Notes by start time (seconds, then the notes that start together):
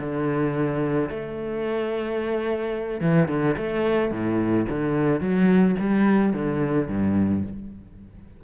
0.00 D3
1.10 A3
3.01 E3
3.29 D3
3.57 A3
4.12 A2
4.70 D3
5.21 F#3
5.80 G3
6.34 D3
6.89 G2